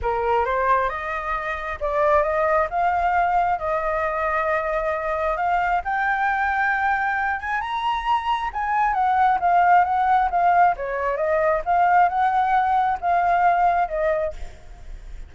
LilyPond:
\new Staff \with { instrumentName = "flute" } { \time 4/4 \tempo 4 = 134 ais'4 c''4 dis''2 | d''4 dis''4 f''2 | dis''1 | f''4 g''2.~ |
g''8 gis''8 ais''2 gis''4 | fis''4 f''4 fis''4 f''4 | cis''4 dis''4 f''4 fis''4~ | fis''4 f''2 dis''4 | }